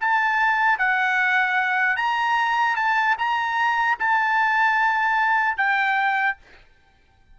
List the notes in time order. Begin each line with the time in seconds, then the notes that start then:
0.00 A5
0.78 F#5
1.96 A#5
2.76 A5
3.18 A#5
3.99 A5
5.57 G5